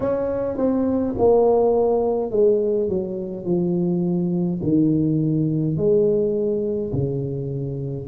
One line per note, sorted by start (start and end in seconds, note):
0.00 0.57 C#4
0.57 1.14 C4
1.18 2.31 A#3
2.31 2.88 G#3
2.88 3.45 F#3
3.45 4.60 F3
4.62 5.76 D#3
5.76 6.92 G#3
6.92 8.07 C#3